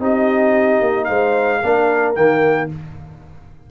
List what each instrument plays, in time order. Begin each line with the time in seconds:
0.00 tuba C4, trombone D#4, horn G4, trumpet D#5
0.81 tuba A#3
1.04 tuba G#3, horn C5, trumpet F5
1.60 tuba A#3, trombone D4, horn A#4
2.15 tuba D#3, trombone A#3, trumpet G5